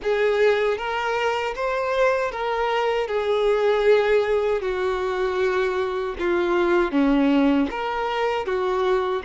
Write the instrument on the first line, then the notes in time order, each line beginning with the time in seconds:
violin
0.02 G#4
0.77 A#4
1.55 C5
2.31 A#4
3.07 G#4
4.61 F#4
6.19 F4
6.91 C#4
7.70 A#4
8.45 F#4